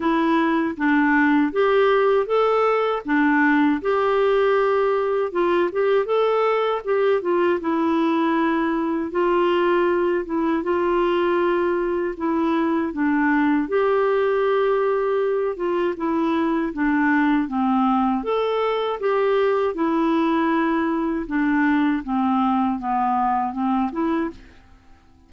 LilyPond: \new Staff \with { instrumentName = "clarinet" } { \time 4/4 \tempo 4 = 79 e'4 d'4 g'4 a'4 | d'4 g'2 f'8 g'8 | a'4 g'8 f'8 e'2 | f'4. e'8 f'2 |
e'4 d'4 g'2~ | g'8 f'8 e'4 d'4 c'4 | a'4 g'4 e'2 | d'4 c'4 b4 c'8 e'8 | }